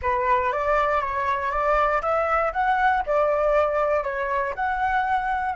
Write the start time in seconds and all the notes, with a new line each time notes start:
0.01 B4
0.52 D5
1.01 C#5
1.51 D5
2.01 E5
2.52 F#5
3.06 D5
4.03 C#5
4.55 F#5